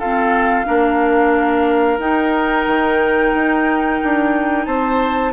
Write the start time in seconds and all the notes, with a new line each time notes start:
0.00 C4 F4 A4 F5
0.65 A#3 D4 A#4
1.99 D#4 G5
2.67 D#3
3.35 D#4
4.04 D4
4.66 C4 C5 A5